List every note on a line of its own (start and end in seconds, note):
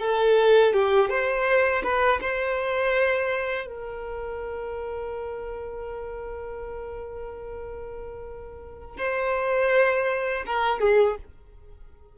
0.00 0.73 A4
0.74 1.10 G4
1.10 1.83 C5
1.84 2.20 B4
2.21 3.67 C5
3.67 8.97 A#4
8.98 10.44 C5
10.46 10.80 A#4
10.80 11.17 G#4